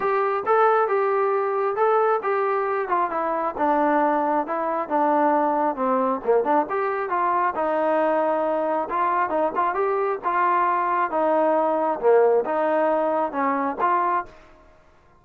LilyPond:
\new Staff \with { instrumentName = "trombone" } { \time 4/4 \tempo 4 = 135 g'4 a'4 g'2 | a'4 g'4. f'8 e'4 | d'2 e'4 d'4~ | d'4 c'4 ais8 d'8 g'4 |
f'4 dis'2. | f'4 dis'8 f'8 g'4 f'4~ | f'4 dis'2 ais4 | dis'2 cis'4 f'4 | }